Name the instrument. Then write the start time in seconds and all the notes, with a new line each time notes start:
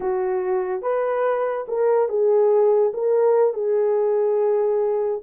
horn
0.00 F#4
0.82 B4
1.67 A#4
2.08 G#4
2.93 A#4
3.53 G#4